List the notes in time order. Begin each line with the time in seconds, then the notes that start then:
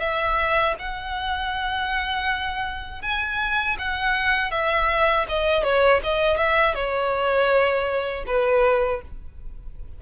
0.00 E5
0.79 F#5
3.02 G#5
3.78 F#5
4.51 E5
5.28 D#5
5.63 C#5
6.03 D#5
6.37 E5
6.75 C#5
8.26 B4